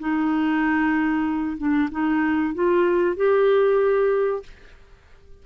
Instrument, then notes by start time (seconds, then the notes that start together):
clarinet
0.00 D#4
1.58 D4
1.91 D#4
2.55 F4
3.17 G4